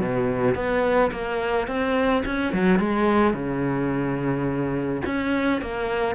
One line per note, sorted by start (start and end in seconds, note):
0.00 0.55 B2
0.55 1.11 B3
1.11 1.67 A#3
1.68 2.24 C4
2.26 2.53 C#4
2.53 2.79 F#3
2.79 3.34 G#3
3.34 5.02 C#3
5.06 5.62 C#4
5.62 6.16 A#3